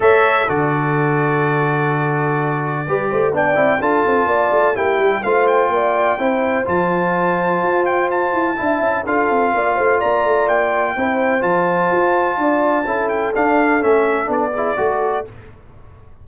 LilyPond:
<<
  \new Staff \with { instrumentName = "trumpet" } { \time 4/4 \tempo 4 = 126 e''4 d''2.~ | d''2. g''4 | a''2 g''4 f''8 g''8~ | g''2 a''2~ |
a''8 g''8 a''2 f''4~ | f''4 ais''4 g''2 | a''2.~ a''8 g''8 | f''4 e''4 d''2 | }
  \new Staff \with { instrumentName = "horn" } { \time 4/4 cis''4 a'2.~ | a'2 b'8 c''8 d''4 | a'4 d''4 g'4 c''4 | d''4 c''2.~ |
c''2 e''4 a'4 | d''8 c''8 d''2 c''4~ | c''2 d''4 a'4~ | a'2~ a'8 gis'8 a'4 | }
  \new Staff \with { instrumentName = "trombone" } { \time 4/4 a'4 fis'2.~ | fis'2 g'4 d'8 e'8 | f'2 e'4 f'4~ | f'4 e'4 f'2~ |
f'2 e'4 f'4~ | f'2. e'4 | f'2. e'4 | d'4 cis'4 d'8 e'8 fis'4 | }
  \new Staff \with { instrumentName = "tuba" } { \time 4/4 a4 d2.~ | d2 g8 a8 b8 c'8 | d'8 c'8 ais8 a8 ais8 g8 a4 | ais4 c'4 f2 |
f'4. e'8 d'8 cis'8 d'8 c'8 | ais8 a8 ais8 a8 ais4 c'4 | f4 f'4 d'4 cis'4 | d'4 a4 b4 a4 | }
>>